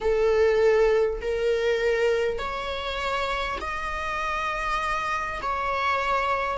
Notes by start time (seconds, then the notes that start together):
0.01 A4
1.21 A#4
2.38 C#5
3.61 D#5
5.42 C#5